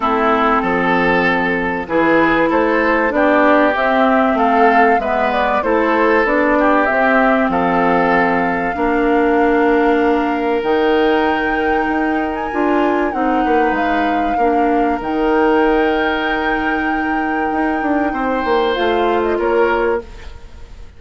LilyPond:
<<
  \new Staff \with { instrumentName = "flute" } { \time 4/4 \tempo 4 = 96 a'2. b'4 | c''4 d''4 e''4 f''4 | e''8 d''8 c''4 d''4 e''4 | f''1~ |
f''4 g''2~ g''8. gis''16~ | gis''4 fis''4 f''2 | g''1~ | g''2 f''8. dis''16 cis''4 | }
  \new Staff \with { instrumentName = "oboe" } { \time 4/4 e'4 a'2 gis'4 | a'4 g'2 a'4 | b'4 a'4. g'4. | a'2 ais'2~ |
ais'1~ | ais'4. b'4. ais'4~ | ais'1~ | ais'4 c''2 ais'4 | }
  \new Staff \with { instrumentName = "clarinet" } { \time 4/4 c'2. e'4~ | e'4 d'4 c'2 | b4 e'4 d'4 c'4~ | c'2 d'2~ |
d'4 dis'2. | f'4 dis'2 d'4 | dis'1~ | dis'2 f'2 | }
  \new Staff \with { instrumentName = "bassoon" } { \time 4/4 a4 f2 e4 | a4 b4 c'4 a4 | gis4 a4 b4 c'4 | f2 ais2~ |
ais4 dis2 dis'4 | d'4 c'8 ais8 gis4 ais4 | dis1 | dis'8 d'8 c'8 ais8 a4 ais4 | }
>>